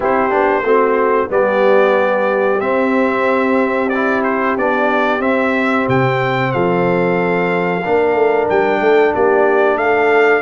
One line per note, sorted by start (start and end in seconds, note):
0.00 0.32 C4
0.00 0.30 E4
0.00 0.64 G4
0.00 1.31 C5
0.30 0.62 B3
0.30 0.62 D4
0.62 1.27 A3
0.62 1.29 C4
0.62 1.30 F#4
1.29 2.60 G3
1.29 2.59 B3
1.29 6.52 G4
1.29 2.60 D5
2.60 3.90 C4
2.60 4.56 C4
2.60 3.89 E5
3.89 4.58 E4
3.89 4.22 D5
4.23 4.56 C5
4.56 5.19 B3
4.56 5.20 D4
4.56 5.21 D5
5.19 5.84 C4
5.19 7.81 C4
5.19 5.86 E5
5.88 6.53 C3
5.88 6.51 G5
6.51 7.84 F3
6.51 7.83 A4
6.51 8.47 F5
7.83 8.14 A#3
7.83 10.42 D4
7.83 8.81 A#4
8.14 8.47 A3
8.49 8.80 G3
8.49 9.14 G5
8.80 9.13 A3
8.80 9.14 A4
9.14 9.76 A#3
9.14 9.78 G4
9.14 9.77 D5
9.76 10.41 A3
9.76 10.42 A4
9.76 10.42 F5